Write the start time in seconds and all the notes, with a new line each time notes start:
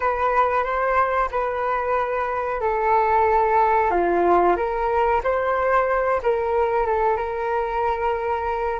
0.00 B4
0.63 C5
1.31 B4
2.61 A4
3.90 F4
4.56 A#4
5.23 C5
6.23 A#4
6.86 A4
7.17 A#4